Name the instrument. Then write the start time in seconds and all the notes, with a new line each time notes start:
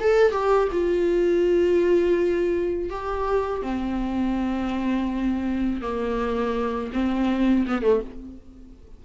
viola
0.00 A4
0.32 G4
0.72 F4
2.90 G4
3.62 C4
5.81 A#3
6.93 C4
7.67 B3
7.82 A3